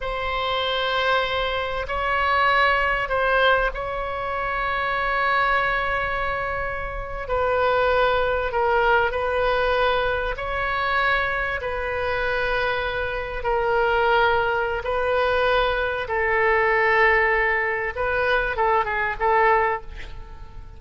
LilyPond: \new Staff \with { instrumentName = "oboe" } { \time 4/4 \tempo 4 = 97 c''2. cis''4~ | cis''4 c''4 cis''2~ | cis''2.~ cis''8. b'16~ | b'4.~ b'16 ais'4 b'4~ b'16~ |
b'8. cis''2 b'4~ b'16~ | b'4.~ b'16 ais'2~ ais'16 | b'2 a'2~ | a'4 b'4 a'8 gis'8 a'4 | }